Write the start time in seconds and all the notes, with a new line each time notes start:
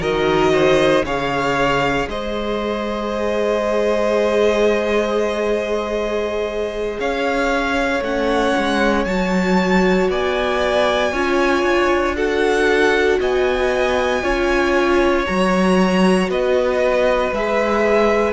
0.00 D#3 F#4 A#4 D#5
0.53 C5
1.05 C#3 G#4 C#5 F5
2.08 G#3 C5 D#5
6.99 C#4 C#5 F5
8.01 A3 C#4 F#5
8.58 G#3
9.05 F#3 F#4 A5
10.09 B3 D5 G#5
11.12 C#4 F4 C#5
11.63 D4
12.16 F#4 A4 F#5
13.20 B3 D#5 G#5
14.23 C#4 F4 C#5
15.27 F#3 F#4 A#5
16.29 B3 B4 D#5
17.33 G#3 G#4 E5